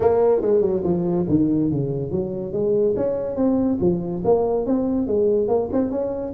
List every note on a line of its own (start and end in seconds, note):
0.00 0.41 A#3
0.41 0.61 G#3
0.61 0.82 F#3
0.83 1.26 F3
1.28 1.71 D#3
1.71 2.11 C#3
2.11 2.52 F#3
2.52 2.95 G#3
2.96 3.36 C#4
3.36 3.78 C4
3.80 4.22 F3
4.24 4.66 A#3
4.66 5.07 C4
5.07 5.48 G#3
5.48 5.69 A#3
5.72 5.91 C4
5.91 6.33 C#4